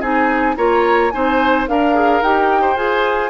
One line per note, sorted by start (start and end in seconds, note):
0.00 0.56 C4
0.00 0.56 D#4
0.00 0.55 G#4
0.00 0.55 G#5
0.56 1.12 A#3
0.56 1.11 F4
0.56 1.12 C#5
0.56 1.10 A#5
1.10 1.68 C4
1.10 1.67 D#4
1.10 1.69 C5
1.10 1.65 G#5
1.67 2.21 D4
1.67 1.94 A#4
1.67 2.61 A#4
1.67 2.22 F5
1.94 2.21 G#4
2.21 2.76 D#4
2.21 2.76 G4
2.21 2.76 G5
2.61 3.29 C5
2.76 3.29 F4
2.76 3.29 G#4
2.76 3.29 G#5